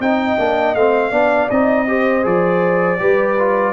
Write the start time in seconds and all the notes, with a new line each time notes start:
0.00 C4 D#4 D#5 G5
0.38 A#3 D4
0.75 A3 C4 F5
1.11 B3 D4 D5
1.50 C4 D#4 D#5
1.88 G4 C5
2.23 F3 G#4 D5
2.99 G3 G4 B4
3.39 F4